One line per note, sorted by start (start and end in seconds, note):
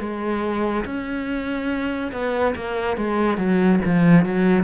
0.00 0.85 G#3
0.85 2.12 C#4
2.12 2.55 B3
2.56 2.97 A#3
2.97 3.38 G#3
3.38 3.80 F#3
3.85 4.26 F3
4.26 4.64 F#3